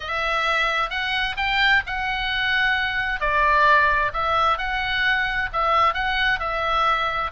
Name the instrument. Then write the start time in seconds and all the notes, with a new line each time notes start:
oboe
0.00 E5
0.90 F#5
1.36 G5
1.86 F#5
3.20 D5
4.13 E5
4.58 F#5
5.53 E5
5.94 F#5
6.39 E5